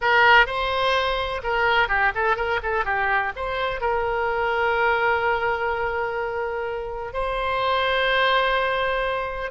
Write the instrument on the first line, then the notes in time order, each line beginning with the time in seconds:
oboe
0.01 A#4
0.46 C5
1.43 A#4
1.88 G4
2.15 A4
2.36 A#4
2.63 A4
2.84 G4
3.35 C5
3.80 A#4
7.13 C5